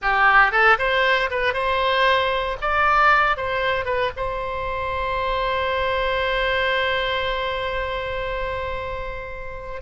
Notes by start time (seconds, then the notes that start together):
0.01 G4
0.51 A4
0.78 C5
1.30 B4
1.53 C5
2.61 D5
3.36 C5
3.85 B4
4.16 C5